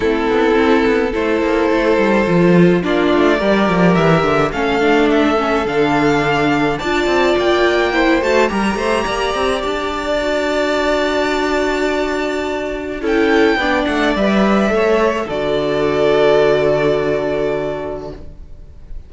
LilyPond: <<
  \new Staff \with { instrumentName = "violin" } { \time 4/4 \tempo 4 = 106 a'2 c''2~ | c''4 d''2 e''4 | f''4 e''4 f''2 | a''4 g''4. a''8 ais''4~ |
ais''4 a''2.~ | a''2. g''4~ | g''8 fis''8 e''2 d''4~ | d''1 | }
  \new Staff \with { instrumentName = "violin" } { \time 4/4 e'2 a'2~ | a'4 f'4 ais'2 | a'1 | d''2 c''4 ais'8 c''8 |
d''1~ | d''2. a'4 | d''2 cis''4 a'4~ | a'1 | }
  \new Staff \with { instrumentName = "viola" } { \time 4/4 c'2 e'2 | f'4 d'4 g'2 | cis'8 d'4 cis'8 d'2 | f'2 e'8 fis'8 g'4~ |
g'2 fis'2~ | fis'2. e'4 | d'4 b'4 a'4 fis'4~ | fis'1 | }
  \new Staff \with { instrumentName = "cello" } { \time 4/4 a8 b8 c'8 b8 a8 ais8 a8 g8 | f4 ais8 a8 g8 f8 e8 d8 | a2 d2 | d'8 c'8 ais4. a8 g8 a8 |
ais8 c'8 d'2.~ | d'2. cis'4 | b8 a8 g4 a4 d4~ | d1 | }
>>